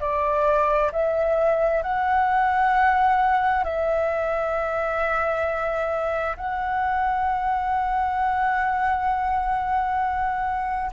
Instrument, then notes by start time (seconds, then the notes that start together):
flute
0.00 D5
0.92 E5
1.82 F#5
3.64 E5
6.36 F#5